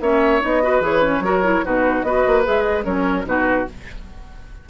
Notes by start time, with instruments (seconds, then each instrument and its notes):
0.00 bassoon A#3, clarinet C#4, oboe C#5, flute E5
0.41 bassoon B3, clarinet D#4, flute D#5
0.62 clarinet F#4, oboe B4
0.80 bassoon E3, clarinet G#4, flute C#5
1.02 clarinet C#4
1.19 bassoon F#3, clarinet F#4, oboe A#4
1.44 clarinet E4
1.64 bassoon B2, clarinet D#4, oboe F#4, flute B4
2.02 bassoon B3, clarinet F#4, oboe B4, flute D#5
2.26 bassoon A#3
2.44 bassoon G#3, clarinet G#4, flute E5
2.63 flute D#5
2.83 bassoon F#3, clarinet C#4, oboe A#4, flute C#5
3.24 bassoon B2, clarinet D#4, oboe F#4, flute B4